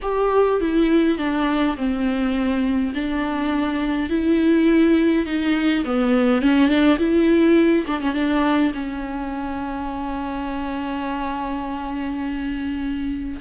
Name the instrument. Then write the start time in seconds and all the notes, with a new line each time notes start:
viola
0.02 G4
0.60 E4
1.18 D4
1.76 C4
2.94 D4
4.09 E4
5.26 D#4
5.84 B3
6.41 C#4
6.68 D4
6.98 E4
7.86 D4
8.00 C#4
8.14 D4
8.74 C#4